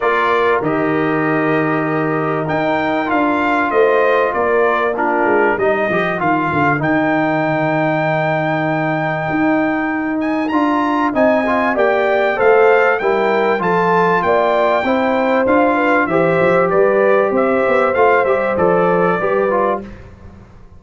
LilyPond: <<
  \new Staff \with { instrumentName = "trumpet" } { \time 4/4 \tempo 4 = 97 d''4 dis''2. | g''4 f''4 dis''4 d''4 | ais'4 dis''4 f''4 g''4~ | g''1~ |
g''8 gis''8 ais''4 gis''4 g''4 | f''4 g''4 a''4 g''4~ | g''4 f''4 e''4 d''4 | e''4 f''8 e''8 d''2 | }
  \new Staff \with { instrumentName = "horn" } { \time 4/4 ais'1~ | ais'2 c''4 ais'4 | f'4 ais'2.~ | ais'1~ |
ais'2 dis''4 d''4 | c''4 ais'4 a'4 d''4 | c''4. b'8 c''4 b'4 | c''2. b'4 | }
  \new Staff \with { instrumentName = "trombone" } { \time 4/4 f'4 g'2. | dis'4 f'2. | d'4 dis'8 g'8 f'4 dis'4~ | dis'1~ |
dis'4 f'4 dis'8 f'8 g'4 | a'4 e'4 f'2 | e'4 f'4 g'2~ | g'4 f'8 g'8 a'4 g'8 f'8 | }
  \new Staff \with { instrumentName = "tuba" } { \time 4/4 ais4 dis2. | dis'4 d'4 a4 ais4~ | ais8 gis8 g8 f8 dis8 d8 dis4~ | dis2. dis'4~ |
dis'4 d'4 c'4 ais4 | a4 g4 f4 ais4 | c'4 d'4 e8 f8 g4 | c'8 b8 a8 g8 f4 g4 | }
>>